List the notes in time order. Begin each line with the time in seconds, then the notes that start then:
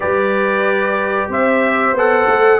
0.00 G3 G4 B4 D5
1.28 C4 C5 E5
1.93 B3 A4 F#5
2.26 A3